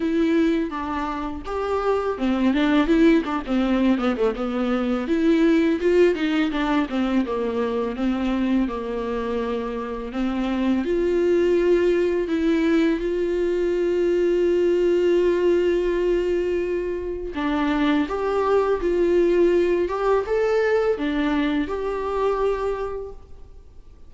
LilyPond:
\new Staff \with { instrumentName = "viola" } { \time 4/4 \tempo 4 = 83 e'4 d'4 g'4 c'8 d'8 | e'8 d'16 c'8. b16 a16 b4 e'4 | f'8 dis'8 d'8 c'8 ais4 c'4 | ais2 c'4 f'4~ |
f'4 e'4 f'2~ | f'1 | d'4 g'4 f'4. g'8 | a'4 d'4 g'2 | }